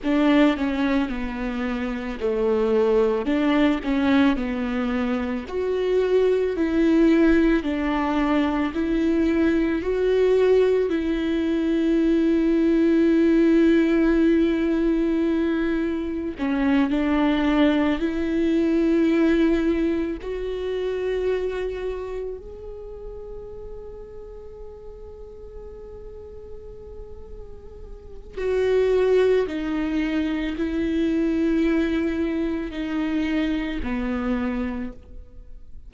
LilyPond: \new Staff \with { instrumentName = "viola" } { \time 4/4 \tempo 4 = 55 d'8 cis'8 b4 a4 d'8 cis'8 | b4 fis'4 e'4 d'4 | e'4 fis'4 e'2~ | e'2. cis'8 d'8~ |
d'8 e'2 fis'4.~ | fis'8 gis'2.~ gis'8~ | gis'2 fis'4 dis'4 | e'2 dis'4 b4 | }